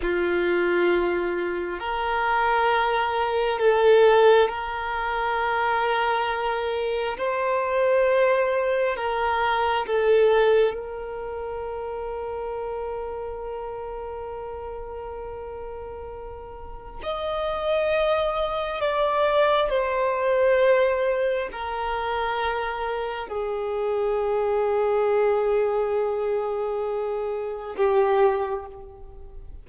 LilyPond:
\new Staff \with { instrumentName = "violin" } { \time 4/4 \tempo 4 = 67 f'2 ais'2 | a'4 ais'2. | c''2 ais'4 a'4 | ais'1~ |
ais'2. dis''4~ | dis''4 d''4 c''2 | ais'2 gis'2~ | gis'2. g'4 | }